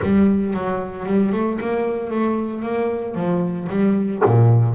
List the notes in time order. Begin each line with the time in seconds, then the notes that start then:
0.02 G3
0.53 F#3
1.06 G3
1.32 A3
1.60 A#3
2.10 A3
2.62 A#3
3.14 F3
3.69 G3
4.25 A#2